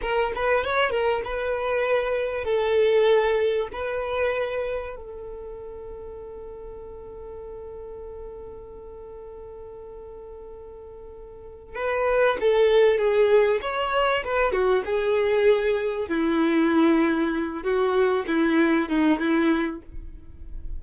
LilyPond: \new Staff \with { instrumentName = "violin" } { \time 4/4 \tempo 4 = 97 ais'8 b'8 cis''8 ais'8 b'2 | a'2 b'2 | a'1~ | a'1~ |
a'2. b'4 | a'4 gis'4 cis''4 b'8 fis'8 | gis'2 e'2~ | e'8 fis'4 e'4 dis'8 e'4 | }